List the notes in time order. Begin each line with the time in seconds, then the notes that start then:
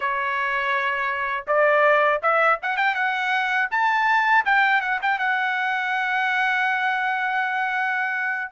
0.00 C#5
1.47 D5
2.22 E5
2.62 F#5
2.76 G5
2.95 F#5
3.70 A5
4.45 G5
4.81 F#5
5.02 G5
5.19 F#5